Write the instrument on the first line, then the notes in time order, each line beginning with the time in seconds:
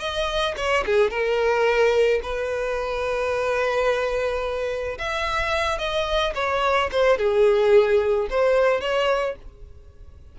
violin
0.00 D#5
0.57 C#5
0.86 G#4
1.10 A#4
2.23 B4
4.99 E5
5.78 D#5
6.35 C#5
6.92 C5
7.18 G#4
8.30 C5
8.81 C#5